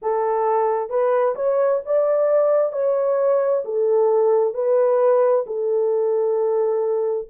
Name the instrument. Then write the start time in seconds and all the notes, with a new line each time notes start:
horn
0.02 A4
0.89 B4
1.35 C#5
1.85 D5
2.72 C#5
3.64 A4
4.53 B4
5.46 A4